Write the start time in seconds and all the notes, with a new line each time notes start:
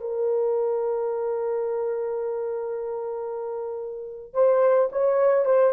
0.00 A#4
4.33 C5
4.92 C#5
5.45 C5